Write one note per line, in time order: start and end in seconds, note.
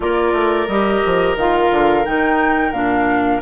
0.00 0.33 A#3
0.00 0.67 F4
0.00 3.41 A#4
0.00 0.68 D5
0.33 0.67 A3
0.67 1.02 G3
0.67 1.38 G4
0.67 1.36 D#5
1.05 1.36 F3
1.36 1.70 D#3
1.36 2.04 F4
1.36 2.05 F5
1.71 2.05 D3
2.04 2.72 D#3
2.04 2.73 D#4
2.04 2.72 G5
2.72 3.40 A#2
2.72 3.41 D4
2.72 3.40 F5